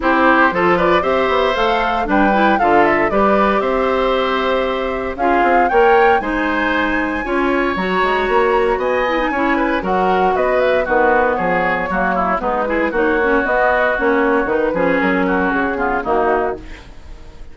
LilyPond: <<
  \new Staff \with { instrumentName = "flute" } { \time 4/4 \tempo 4 = 116 c''4. d''8 e''4 f''4 | g''4 f''8 e''8 d''4 e''4~ | e''2 f''4 g''4 | gis''2. ais''4~ |
ais''4 gis''2 fis''4 | dis''8 e''8 b'4 cis''2 | b'4 cis''4 dis''4 cis''4 | b'4 ais'4 gis'4 fis'4 | }
  \new Staff \with { instrumentName = "oboe" } { \time 4/4 g'4 a'8 b'8 c''2 | b'4 a'4 b'4 c''4~ | c''2 gis'4 cis''4 | c''2 cis''2~ |
cis''4 dis''4 cis''8 b'8 ais'4 | b'4 fis'4 gis'4 fis'8 e'8 | dis'8 gis'8 fis'2.~ | fis'8 gis'4 fis'4 f'8 dis'4 | }
  \new Staff \with { instrumentName = "clarinet" } { \time 4/4 e'4 f'4 g'4 a'4 | d'8 e'8 f'4 g'2~ | g'2 f'4 ais'4 | dis'2 f'4 fis'4~ |
fis'4. e'16 dis'16 e'4 fis'4~ | fis'4 b2 ais4 | b8 e'8 dis'8 cis'8 b4 cis'4 | dis'8 cis'2 b8 ais4 | }
  \new Staff \with { instrumentName = "bassoon" } { \time 4/4 c'4 f4 c'8 b8 a4 | g4 d4 g4 c'4~ | c'2 cis'8 c'8 ais4 | gis2 cis'4 fis8 gis8 |
ais4 b4 cis'4 fis4 | b4 dis4 f4 fis4 | gis4 ais4 b4 ais4 | dis8 f8 fis4 cis4 dis4 | }
>>